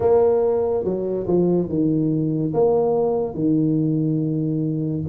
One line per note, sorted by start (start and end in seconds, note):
0.00 0.84 A#3
0.84 1.26 F#3
1.27 1.69 F3
1.69 2.53 D#3
2.53 3.34 A#3
3.34 5.03 D#3